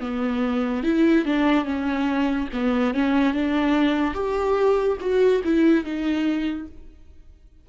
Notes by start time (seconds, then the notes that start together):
0.00 B3
0.83 E4
1.25 D4
1.64 C#4
2.52 B3
2.94 C#4
3.33 D4
4.14 G4
5.00 F#4
5.44 E4
5.84 D#4